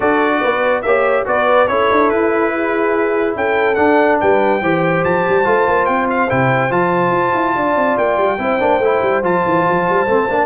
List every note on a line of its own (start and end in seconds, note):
0.00 0.42 D4
0.00 0.84 F#4
0.00 0.39 A4
0.00 0.82 D5
0.40 0.84 B3
0.40 0.82 B4
0.82 1.26 A#3
0.82 1.25 G4
0.82 1.27 C#5
0.82 1.24 E5
1.25 1.68 B3
1.25 1.67 F#4
1.25 1.70 B4
1.25 1.67 D5
1.67 1.89 C#4
1.67 3.75 E4
1.67 2.54 A4
1.67 2.09 C#5
1.90 2.08 D4
2.08 3.34 E4
2.08 3.35 B4
2.55 3.36 G#4
3.35 3.77 C#4
3.35 4.20 A4
3.35 3.74 G5
3.74 4.59 D4
3.74 4.19 D4
3.74 4.16 F#5
4.20 4.61 G3
4.20 4.61 B4
4.20 5.04 G5
4.61 5.03 E3
4.61 5.44 G4
4.61 7.55 C5
5.04 5.25 F3
5.04 5.85 A5
5.28 5.45 G3
5.44 5.66 A3
5.44 6.28 F4
5.67 5.87 A#3
5.85 6.29 C4
5.85 6.06 G5
6.10 6.29 F5
6.29 6.70 C3
6.29 6.70 E4
6.29 6.71 G5
6.70 7.11 F3
6.70 8.37 F4
6.70 7.97 A5
7.11 7.32 F4
7.34 7.55 E4
7.55 7.75 D4
7.55 8.40 D5
7.75 7.96 C4
7.97 8.17 A#3
7.97 9.23 G5
8.17 8.38 G3
8.38 8.59 C4
8.38 8.59 E4
8.38 10.46 C5
8.59 8.78 A#3
8.59 8.80 D4
8.78 8.99 A3
8.78 9.23 E4
9.01 9.22 G3
9.22 9.43 F3
9.22 10.07 F4
9.22 10.46 A5
9.45 9.66 E3
9.69 9.89 F3
9.89 10.06 G3
10.06 10.27 A3
10.06 10.28 C4
10.28 10.46 A#3
10.28 10.46 D4